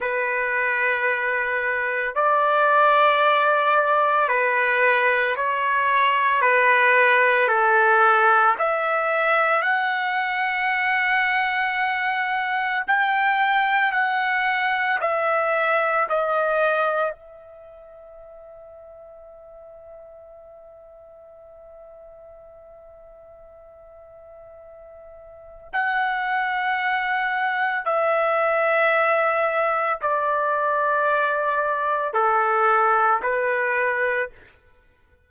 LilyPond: \new Staff \with { instrumentName = "trumpet" } { \time 4/4 \tempo 4 = 56 b'2 d''2 | b'4 cis''4 b'4 a'4 | e''4 fis''2. | g''4 fis''4 e''4 dis''4 |
e''1~ | e''1 | fis''2 e''2 | d''2 a'4 b'4 | }